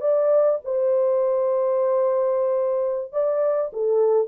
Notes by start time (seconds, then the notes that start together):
0.00 D5
0.64 C5
3.12 D5
3.72 A4